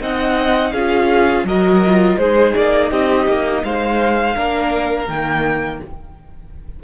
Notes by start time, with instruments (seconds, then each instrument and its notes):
0.00 cello C4, viola D#4, violin D#5 F#5
0.72 cello C#4, viola F4, violin G#4 F5
1.43 cello F#3, viola F#4, violin A#4 D#5
1.86 viola F4
2.17 cello G#3, viola D#4, violin G#4 C5
2.55 cello A#3, violin D5
2.91 cello C4, violin G4 D#5
3.27 cello A#3
3.63 cello G#3, violin C5 F5
4.35 cello A#3, viola D4, violin A#4
5.07 cello D#3, viola A#3, violin G5